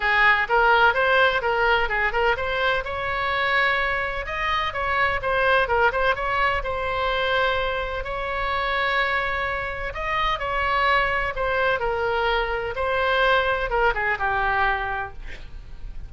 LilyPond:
\new Staff \with { instrumentName = "oboe" } { \time 4/4 \tempo 4 = 127 gis'4 ais'4 c''4 ais'4 | gis'8 ais'8 c''4 cis''2~ | cis''4 dis''4 cis''4 c''4 | ais'8 c''8 cis''4 c''2~ |
c''4 cis''2.~ | cis''4 dis''4 cis''2 | c''4 ais'2 c''4~ | c''4 ais'8 gis'8 g'2 | }